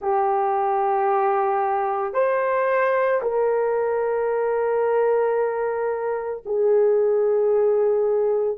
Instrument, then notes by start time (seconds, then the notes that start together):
horn
0.01 G4
2.13 C5
3.21 A#4
6.45 G#4